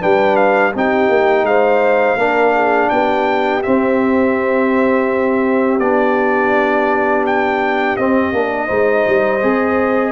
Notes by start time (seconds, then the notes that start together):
0.00 G3 D4 B4 G5
0.36 F5
0.74 C4 D#4 G4 G5
1.08 A#3
1.42 G#3 C5 F5
2.16 A#3 D4 A#4
2.54 G#4
2.89 B3 G4 G5
3.62 C4 E5
5.79 B3 D4 D5
7.26 G5
7.96 C4 D#5
8.32 A#3 D4
8.65 G#3 D#4 C5
9.07 G3
9.42 C4 G#4